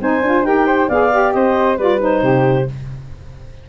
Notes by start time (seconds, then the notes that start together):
0.00 C4 D#4 C5 G#5
0.21 D4 F4
0.43 D#4 G4 A#4 G5
0.66 C5
0.88 B3 G#4 D5 F5
1.10 G4
1.32 C4 C5 D#5
1.77 G3 F4 B4 D5
2.00 D#4 C5
2.22 C3 G4